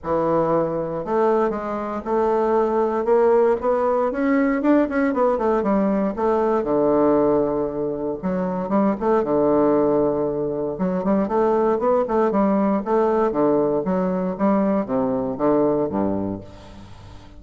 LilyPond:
\new Staff \with { instrumentName = "bassoon" } { \time 4/4 \tempo 4 = 117 e2 a4 gis4 | a2 ais4 b4 | cis'4 d'8 cis'8 b8 a8 g4 | a4 d2. |
fis4 g8 a8 d2~ | d4 fis8 g8 a4 b8 a8 | g4 a4 d4 fis4 | g4 c4 d4 g,4 | }